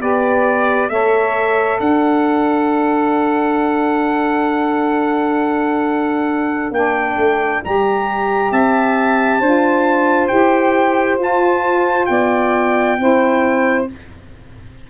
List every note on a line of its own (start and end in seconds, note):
0.00 0.90 B3
0.00 0.90 G4
0.00 0.90 B4
0.00 0.90 D5
0.90 1.79 A3
0.90 6.74 A4
0.90 1.79 C#5
0.90 1.79 E5
1.79 6.72 D4
1.79 8.51 D5
1.79 6.73 F#5
6.72 7.16 A#3
6.72 7.63 D4
6.72 7.63 G5
7.17 7.62 A3
7.64 8.52 G3
7.64 9.43 G4
7.64 8.53 A#5
8.51 9.40 C4
8.51 9.40 E5
8.51 10.28 A5
9.40 10.30 D4
9.40 10.30 F4
9.40 12.08 C5
10.28 11.18 E4
10.28 11.19 G4
10.28 11.18 G5
11.18 12.08 F4
11.18 12.98 F4
11.18 12.06 A5
12.06 12.99 B3
12.06 12.99 D5
12.06 13.85 G5
12.99 13.89 C4
12.99 13.88 E4
12.99 13.91 C5